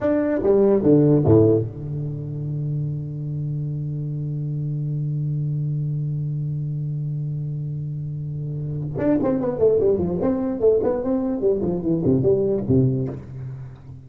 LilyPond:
\new Staff \with { instrumentName = "tuba" } { \time 4/4 \tempo 4 = 147 d'4 g4 d4 a,4 | d1~ | d1~ | d1~ |
d1~ | d2 d'8 c'8 b8 a8 | g8 f8 c'4 a8 b8 c'4 | g8 f8 e8 c8 g4 c4 | }